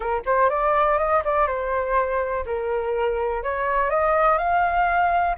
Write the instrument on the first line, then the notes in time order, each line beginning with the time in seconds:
flute
0.00 A#4
0.25 C5
0.49 D5
0.98 D#5
1.24 D5
1.47 C5
2.45 A#4
3.43 C#5
3.90 D#5
4.38 F5